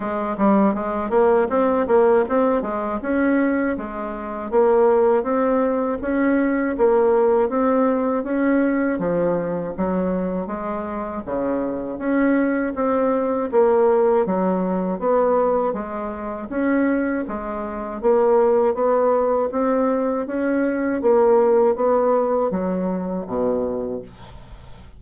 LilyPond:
\new Staff \with { instrumentName = "bassoon" } { \time 4/4 \tempo 4 = 80 gis8 g8 gis8 ais8 c'8 ais8 c'8 gis8 | cis'4 gis4 ais4 c'4 | cis'4 ais4 c'4 cis'4 | f4 fis4 gis4 cis4 |
cis'4 c'4 ais4 fis4 | b4 gis4 cis'4 gis4 | ais4 b4 c'4 cis'4 | ais4 b4 fis4 b,4 | }